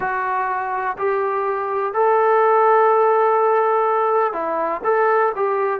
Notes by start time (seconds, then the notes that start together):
0.00 F#4
0.98 G4
1.93 A4
4.32 E4
4.84 A4
5.35 G4